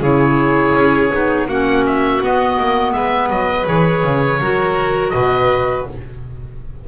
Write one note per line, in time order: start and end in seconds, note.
0.00 0.73 C#3
0.00 1.11 E4
0.00 1.47 G#4
0.00 1.48 C#5
0.75 1.11 C#4
1.11 1.47 B3
1.11 1.47 D#4
1.47 2.21 A#3
1.47 2.21 C#4
1.47 2.95 F#4
1.47 1.85 F#5
1.86 2.22 E5
2.21 3.65 B3
2.21 2.58 B3
2.21 2.92 D#5
2.59 2.94 A#3
2.92 3.30 G#3
2.92 4.40 B4
2.92 3.29 E5
3.30 3.66 F#3
3.30 3.67 D#5
3.65 4.04 E3
3.65 4.39 G#4
3.65 5.09 C#5
4.04 4.40 C#3
4.40 5.13 F#3
4.40 5.88 F#4
4.40 5.13 A#4
5.09 5.87 B2
5.09 5.88 B4
5.09 5.82 D#5